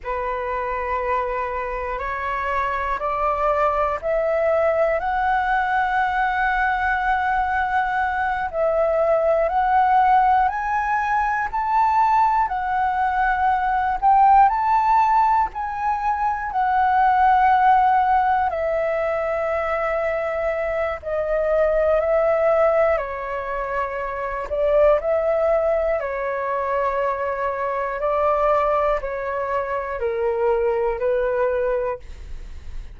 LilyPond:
\new Staff \with { instrumentName = "flute" } { \time 4/4 \tempo 4 = 60 b'2 cis''4 d''4 | e''4 fis''2.~ | fis''8 e''4 fis''4 gis''4 a''8~ | a''8 fis''4. g''8 a''4 gis''8~ |
gis''8 fis''2 e''4.~ | e''4 dis''4 e''4 cis''4~ | cis''8 d''8 e''4 cis''2 | d''4 cis''4 ais'4 b'4 | }